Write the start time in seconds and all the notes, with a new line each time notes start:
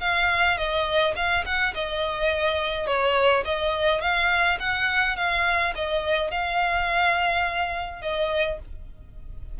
0.00 F5
0.57 D#5
1.16 F5
1.45 F#5
1.74 D#5
2.86 C#5
3.45 D#5
4.01 F5
4.59 F#5
5.16 F5
5.75 D#5
6.30 F5
8.01 D#5